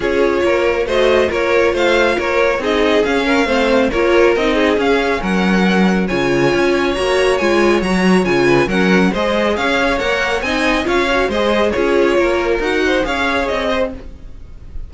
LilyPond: <<
  \new Staff \with { instrumentName = "violin" } { \time 4/4 \tempo 4 = 138 cis''2 dis''4 cis''4 | f''4 cis''4 dis''4 f''4~ | f''4 cis''4 dis''4 f''4 | fis''2 gis''2 |
ais''4 gis''4 ais''4 gis''4 | fis''4 dis''4 f''4 fis''4 | gis''4 f''4 dis''4 cis''4~ | cis''4 fis''4 f''4 dis''4 | }
  \new Staff \with { instrumentName = "violin" } { \time 4/4 gis'4 ais'4 c''4 ais'4 | c''4 ais'4 gis'4. ais'8 | c''4 ais'4. gis'4. | ais'2 cis''2~ |
cis''2.~ cis''8 b'8 | ais'4 c''4 cis''2 | dis''4 cis''4 c''4 gis'4 | ais'4. c''8 cis''4. c''8 | }
  \new Staff \with { instrumentName = "viola" } { \time 4/4 f'2 fis'4 f'4~ | f'2 dis'4 cis'4 | c'4 f'4 dis'4 cis'4~ | cis'2 f'2 |
fis'4 f'4 fis'4 f'4 | cis'4 gis'2 ais'4 | dis'4 f'8 fis'8 gis'4 f'4~ | f'4 fis'4 gis'2 | }
  \new Staff \with { instrumentName = "cello" } { \time 4/4 cis'4 ais4 a4 ais4 | a4 ais4 c'4 cis'4 | a4 ais4 c'4 cis'4 | fis2 cis4 cis'4 |
ais4 gis4 fis4 cis4 | fis4 gis4 cis'4 ais4 | c'4 cis'4 gis4 cis'4 | ais4 dis'4 cis'4 c'4 | }
>>